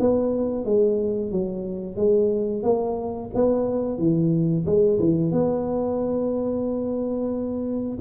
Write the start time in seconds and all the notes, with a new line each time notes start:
0.00 B3
0.65 G#3
1.31 F#3
1.96 G#3
2.63 A#3
3.35 B3
3.98 E3
4.66 G#3
5.00 E3
5.32 B3